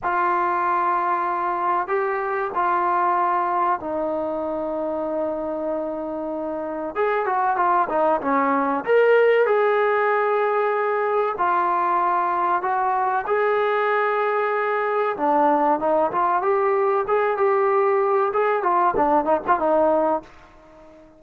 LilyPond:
\new Staff \with { instrumentName = "trombone" } { \time 4/4 \tempo 4 = 95 f'2. g'4 | f'2 dis'2~ | dis'2. gis'8 fis'8 | f'8 dis'8 cis'4 ais'4 gis'4~ |
gis'2 f'2 | fis'4 gis'2. | d'4 dis'8 f'8 g'4 gis'8 g'8~ | g'4 gis'8 f'8 d'8 dis'16 f'16 dis'4 | }